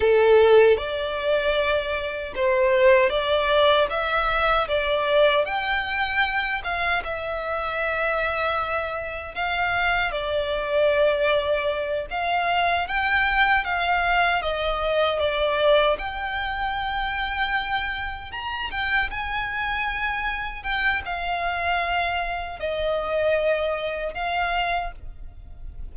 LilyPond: \new Staff \with { instrumentName = "violin" } { \time 4/4 \tempo 4 = 77 a'4 d''2 c''4 | d''4 e''4 d''4 g''4~ | g''8 f''8 e''2. | f''4 d''2~ d''8 f''8~ |
f''8 g''4 f''4 dis''4 d''8~ | d''8 g''2. ais''8 | g''8 gis''2 g''8 f''4~ | f''4 dis''2 f''4 | }